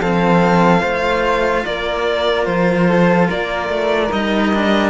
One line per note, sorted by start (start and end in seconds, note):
0.00 0.82 F3
0.00 0.79 C4
0.00 0.81 A4
0.00 1.65 F5
0.79 1.65 A3
0.79 4.08 F4
0.79 1.63 C5
1.65 2.47 A#3
1.65 2.88 A#4
1.65 2.45 D5
2.45 3.29 F3
2.45 3.27 C5
2.88 3.28 A4
3.28 3.69 A#3
3.28 4.90 A#4
3.28 4.12 D5
3.69 4.10 A3
4.12 4.90 G3
4.12 4.53 D#4
4.12 4.90 D#5
4.54 4.90 D4